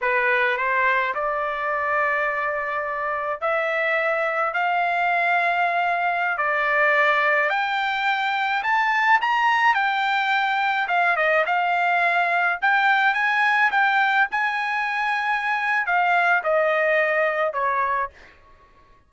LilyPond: \new Staff \with { instrumentName = "trumpet" } { \time 4/4 \tempo 4 = 106 b'4 c''4 d''2~ | d''2 e''2 | f''2.~ f''16 d''8.~ | d''4~ d''16 g''2 a''8.~ |
a''16 ais''4 g''2 f''8 dis''16~ | dis''16 f''2 g''4 gis''8.~ | gis''16 g''4 gis''2~ gis''8. | f''4 dis''2 cis''4 | }